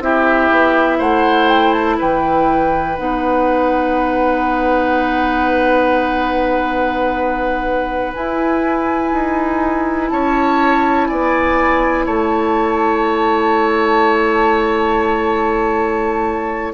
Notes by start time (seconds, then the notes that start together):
0.00 C4 E4 G4 E5
0.51 B3
0.98 A3 C5 F#5
1.49 G5
1.73 A5
1.99 E3 B4 G5
2.97 B3 D#4 F#5
8.14 E4 G#5
9.12 D#4
10.10 C#4 C#5 A5
11.07 B3 D5 G#5
12.06 A3 C#5 A5